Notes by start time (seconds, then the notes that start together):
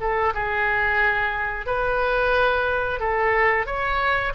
0.00 A4
0.34 G#4
1.66 B4
2.99 A4
3.66 C#5